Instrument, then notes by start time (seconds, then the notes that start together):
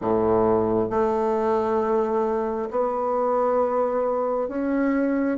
bassoon
0.01 A2
0.90 A3
2.70 B3
4.48 C#4